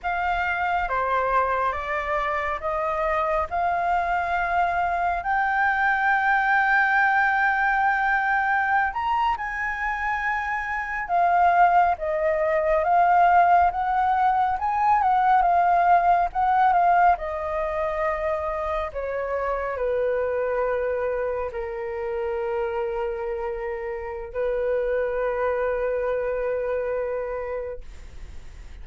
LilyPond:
\new Staff \with { instrumentName = "flute" } { \time 4/4 \tempo 4 = 69 f''4 c''4 d''4 dis''4 | f''2 g''2~ | g''2~ g''16 ais''8 gis''4~ gis''16~ | gis''8. f''4 dis''4 f''4 fis''16~ |
fis''8. gis''8 fis''8 f''4 fis''8 f''8 dis''16~ | dis''4.~ dis''16 cis''4 b'4~ b'16~ | b'8. ais'2.~ ais'16 | b'1 | }